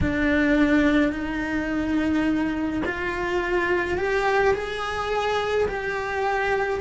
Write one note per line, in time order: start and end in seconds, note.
0.00 1.12 D4
1.12 2.82 D#4
2.85 3.98 F4
3.98 4.54 G4
4.54 5.67 G#4
5.68 6.80 G4